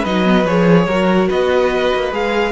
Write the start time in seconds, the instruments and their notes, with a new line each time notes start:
0.00 cello F#3, viola D#4, violin B4 D#5
0.24 viola B3
0.45 cello F3, viola G#4, violin C#5
0.87 cello F#3, viola F#4, violin A#4
1.29 cello B3, violin B4 D#5
1.94 cello A#3
2.12 cello G#3, viola G#4, violin F5